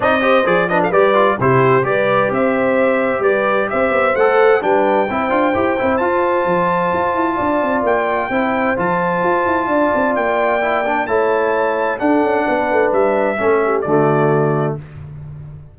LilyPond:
<<
  \new Staff \with { instrumentName = "trumpet" } { \time 4/4 \tempo 4 = 130 dis''4 d''8 dis''16 f''16 d''4 c''4 | d''4 e''2 d''4 | e''4 fis''4 g''2~ | g''4 a''2.~ |
a''4 g''2 a''4~ | a''2 g''2 | a''2 fis''2 | e''2 d''2 | }
  \new Staff \with { instrumentName = "horn" } { \time 4/4 d''8 c''4 b'16 a'16 b'4 g'4 | b'4 c''2 b'4 | c''2 b'4 c''4~ | c''1 |
d''2 c''2~ | c''4 d''2. | cis''2 a'4 b'4~ | b'4 a'8 g'8 fis'2 | }
  \new Staff \with { instrumentName = "trombone" } { \time 4/4 dis'8 g'8 gis'8 d'8 g'8 f'8 e'4 | g'1~ | g'4 a'4 d'4 e'8 f'8 | g'8 e'8 f'2.~ |
f'2 e'4 f'4~ | f'2. e'8 d'8 | e'2 d'2~ | d'4 cis'4 a2 | }
  \new Staff \with { instrumentName = "tuba" } { \time 4/4 c'4 f4 g4 c4 | g4 c'2 g4 | c'8 b8 a4 g4 c'8 d'8 | e'8 c'8 f'4 f4 f'8 e'8 |
d'8 c'8 ais4 c'4 f4 | f'8 e'8 d'8 c'8 ais2 | a2 d'8 cis'8 b8 a8 | g4 a4 d2 | }
>>